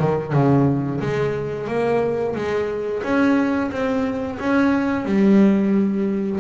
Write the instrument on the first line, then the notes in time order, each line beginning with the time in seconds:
double bass
0.00 D#3
0.33 C#3
1.01 G#3
1.68 A#3
2.35 G#3
3.03 C#4
3.71 C4
4.39 C#4
5.05 G3